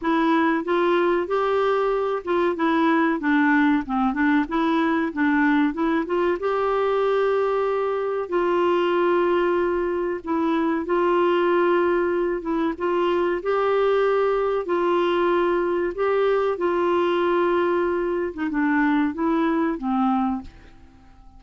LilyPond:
\new Staff \with { instrumentName = "clarinet" } { \time 4/4 \tempo 4 = 94 e'4 f'4 g'4. f'8 | e'4 d'4 c'8 d'8 e'4 | d'4 e'8 f'8 g'2~ | g'4 f'2. |
e'4 f'2~ f'8 e'8 | f'4 g'2 f'4~ | f'4 g'4 f'2~ | f'8. dis'16 d'4 e'4 c'4 | }